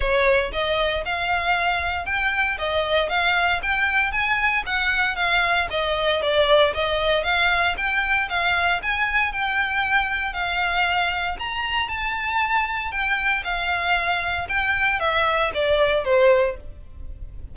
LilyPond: \new Staff \with { instrumentName = "violin" } { \time 4/4 \tempo 4 = 116 cis''4 dis''4 f''2 | g''4 dis''4 f''4 g''4 | gis''4 fis''4 f''4 dis''4 | d''4 dis''4 f''4 g''4 |
f''4 gis''4 g''2 | f''2 ais''4 a''4~ | a''4 g''4 f''2 | g''4 e''4 d''4 c''4 | }